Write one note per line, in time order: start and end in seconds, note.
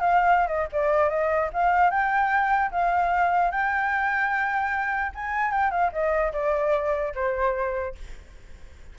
0.00 0.47 F5
0.47 0.67 D#5
0.72 1.09 D5
1.09 1.50 D#5
1.53 1.90 F5
1.90 2.71 G5
2.71 3.51 F5
3.51 5.12 G5
5.15 5.51 G#5
5.51 5.71 G5
5.71 5.91 F5
5.92 6.32 D#5
6.33 7.13 D5
7.15 7.95 C5